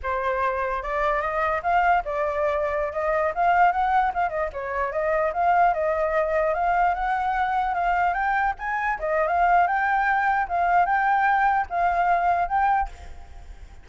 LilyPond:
\new Staff \with { instrumentName = "flute" } { \time 4/4 \tempo 4 = 149 c''2 d''4 dis''4 | f''4 d''2~ d''16 dis''8.~ | dis''16 f''4 fis''4 f''8 dis''8 cis''8.~ | cis''16 dis''4 f''4 dis''4.~ dis''16~ |
dis''16 f''4 fis''2 f''8.~ | f''16 g''4 gis''4 dis''8. f''4 | g''2 f''4 g''4~ | g''4 f''2 g''4 | }